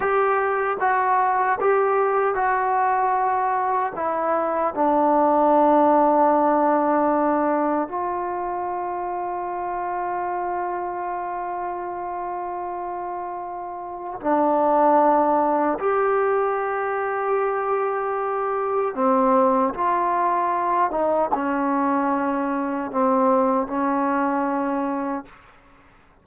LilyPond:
\new Staff \with { instrumentName = "trombone" } { \time 4/4 \tempo 4 = 76 g'4 fis'4 g'4 fis'4~ | fis'4 e'4 d'2~ | d'2 f'2~ | f'1~ |
f'2 d'2 | g'1 | c'4 f'4. dis'8 cis'4~ | cis'4 c'4 cis'2 | }